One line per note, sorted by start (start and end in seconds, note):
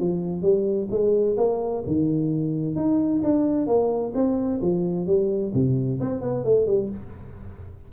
0.00 0.42 F3
0.42 0.88 G3
0.91 1.37 G#3
1.38 1.84 A#3
1.87 2.76 D#3
2.76 3.22 D#4
3.23 3.67 D4
3.67 4.13 A#3
4.15 4.61 C4
4.62 5.07 F3
5.07 5.53 G3
5.54 6.00 C3
6.01 6.21 C4
6.21 6.44 B3
6.45 6.67 A3
6.67 6.90 G3